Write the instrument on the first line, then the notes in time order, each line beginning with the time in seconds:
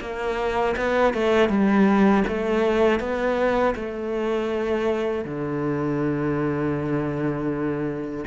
cello
0.00 A#3
0.76 B3
1.14 A3
1.48 G3
2.27 A3
2.99 B3
3.75 A3
5.24 D3